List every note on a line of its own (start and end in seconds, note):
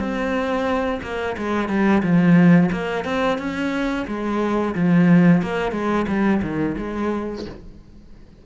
0.00 1.01 C4
1.03 1.37 A#3
1.38 1.69 G#3
1.69 2.03 G3
2.03 2.70 F3
2.72 3.05 A#3
3.05 3.39 C4
3.39 4.06 C#4
4.08 4.75 G#3
4.75 5.43 F3
5.43 5.72 A#3
5.72 6.06 G#3
6.08 6.42 G3
6.43 6.76 D#3
6.78 7.46 G#3